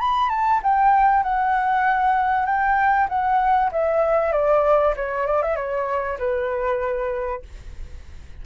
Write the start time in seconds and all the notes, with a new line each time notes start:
0.00 B5
0.30 A5
0.63 G5
1.23 F#5
2.46 G5
3.09 F#5
3.72 E5
4.32 D5
4.96 C#5
5.27 D5
5.43 E5
5.56 C#5
6.19 B4